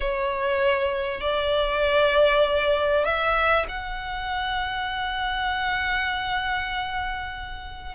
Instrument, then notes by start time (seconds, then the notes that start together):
violin
0.00 C#5
1.21 D5
3.04 E5
3.68 F#5